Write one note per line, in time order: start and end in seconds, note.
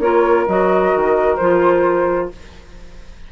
0.00 0.46 A#3
0.00 0.48 F4
0.00 2.31 A#4
0.00 0.47 C#5
0.48 0.94 F#3
0.48 1.40 F#4
0.48 1.37 D#5
0.96 1.40 D#3
1.37 2.33 F3
1.37 2.33 F4
1.37 2.29 C5